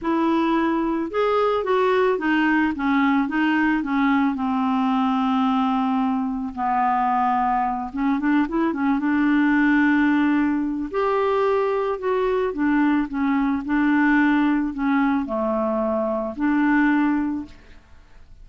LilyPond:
\new Staff \with { instrumentName = "clarinet" } { \time 4/4 \tempo 4 = 110 e'2 gis'4 fis'4 | dis'4 cis'4 dis'4 cis'4 | c'1 | b2~ b8 cis'8 d'8 e'8 |
cis'8 d'2.~ d'8 | g'2 fis'4 d'4 | cis'4 d'2 cis'4 | a2 d'2 | }